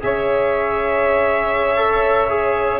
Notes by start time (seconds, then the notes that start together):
0.00 C#4 G#4 C#5 E5
1.76 A4
2.29 G#4